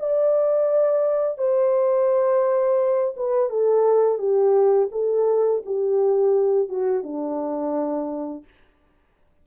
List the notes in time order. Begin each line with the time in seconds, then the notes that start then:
0.00 D5
1.38 C5
3.17 B4
3.50 A4
4.18 G4
4.92 A4
5.66 G4
6.69 F#4
7.03 D4